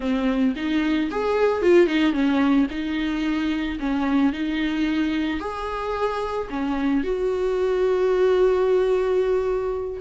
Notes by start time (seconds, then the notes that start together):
0.00 C4
0.56 D#4
1.11 G#4
1.62 F4
1.86 D#4
2.12 C#4
2.70 D#4
3.79 C#4
4.32 D#4
5.40 G#4
6.50 C#4
7.03 F#4